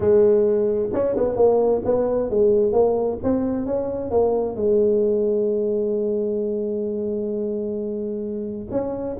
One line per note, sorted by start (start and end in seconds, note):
0.00 0.89 G#3
0.93 1.16 C#4
1.16 1.36 B3
1.36 1.82 A#3
1.84 2.30 B3
2.30 2.72 G#3
2.72 3.18 A#3
3.23 3.65 C4
3.65 4.10 C#4
4.10 4.55 A#3
4.55 8.67 G#3
8.70 9.16 C#4